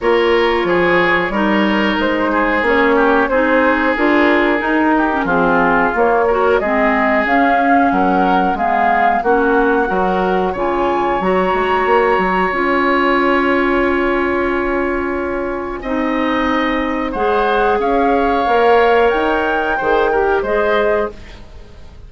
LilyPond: <<
  \new Staff \with { instrumentName = "flute" } { \time 4/4 \tempo 4 = 91 cis''2. c''4 | cis''4 c''4 ais'2 | gis'4 cis''4 dis''4 f''4 | fis''4 f''4 fis''2 |
gis''4 ais''2 gis''4~ | gis''1~ | gis''2 fis''4 f''4~ | f''4 g''2 dis''4 | }
  \new Staff \with { instrumentName = "oboe" } { \time 4/4 ais'4 gis'4 ais'4. gis'8~ | gis'8 g'8 gis'2~ gis'8 g'8 | f'4. ais'8 gis'2 | ais'4 gis'4 fis'4 ais'4 |
cis''1~ | cis''1 | dis''2 c''4 cis''4~ | cis''2 c''8 ais'8 c''4 | }
  \new Staff \with { instrumentName = "clarinet" } { \time 4/4 f'2 dis'2 | cis'4 dis'4 f'4 dis'8. cis'16 | c'4 ais8 fis'8 c'4 cis'4~ | cis'4 b4 cis'4 fis'4 |
f'4 fis'2 f'4~ | f'1 | dis'2 gis'2 | ais'2 gis'8 g'8 gis'4 | }
  \new Staff \with { instrumentName = "bassoon" } { \time 4/4 ais4 f4 g4 gis4 | ais4 c'4 d'4 dis'4 | f4 ais4 gis4 cis'4 | fis4 gis4 ais4 fis4 |
cis4 fis8 gis8 ais8 fis8 cis'4~ | cis'1 | c'2 gis4 cis'4 | ais4 dis'4 dis4 gis4 | }
>>